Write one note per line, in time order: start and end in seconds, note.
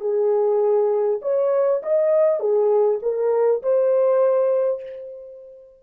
0.00 1.20 G#4
1.21 1.81 C#5
1.82 2.39 D#5
2.39 2.99 G#4
3.02 3.62 A#4
3.62 4.82 C5